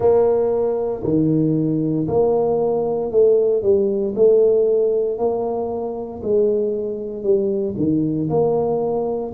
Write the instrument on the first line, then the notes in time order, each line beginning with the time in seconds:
tuba
0.00 A#3
1.03 D#3
2.07 A#3
3.11 A3
3.62 G3
4.15 A3
5.17 A#3
6.23 G#3
7.23 G3
7.77 D#3
8.29 A#3